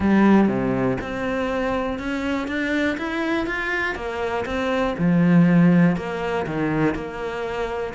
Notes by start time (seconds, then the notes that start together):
0.00 G3
0.48 C3
1.01 C4
1.98 C#4
2.47 D4
2.97 E4
3.46 F4
3.95 A#3
4.45 C4
4.98 F3
5.96 A#3
6.46 D#3
6.94 A#3